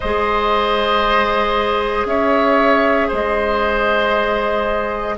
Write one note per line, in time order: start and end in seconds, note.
0.00 2.05 G#3
0.00 5.17 G#4
0.00 2.06 C5
0.00 2.06 D#5
2.05 3.08 C#4
2.05 3.08 C#5
2.05 3.10 E5
3.08 5.17 G#3
3.08 5.15 C5
3.08 5.17 D#5